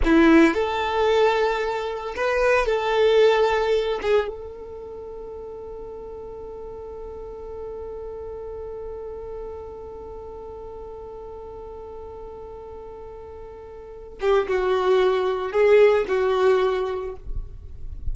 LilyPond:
\new Staff \with { instrumentName = "violin" } { \time 4/4 \tempo 4 = 112 e'4 a'2. | b'4 a'2~ a'8 gis'8 | a'1~ | a'1~ |
a'1~ | a'1~ | a'2~ a'8 g'8 fis'4~ | fis'4 gis'4 fis'2 | }